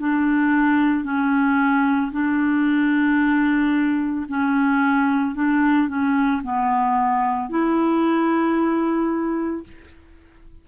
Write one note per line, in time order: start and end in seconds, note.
0.00 1.05 D4
1.05 2.12 C#4
2.12 4.27 D4
4.29 5.36 C#4
5.36 5.88 D4
5.88 6.42 C#4
6.43 7.50 B3
7.50 9.64 E4